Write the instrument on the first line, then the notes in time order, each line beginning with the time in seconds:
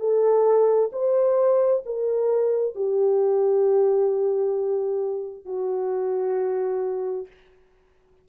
horn
0.00 A4
0.93 C5
1.86 A#4
2.76 G4
5.45 F#4